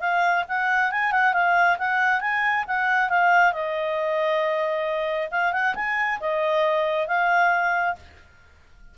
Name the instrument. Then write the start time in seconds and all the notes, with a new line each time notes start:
clarinet
0.00 F5
0.48 F#5
0.91 G#5
1.12 F#5
1.33 F5
1.78 F#5
2.20 G#5
2.67 F#5
3.09 F5
3.53 D#5
5.31 F5
5.52 F#5
5.75 G#5
6.20 D#5
7.07 F5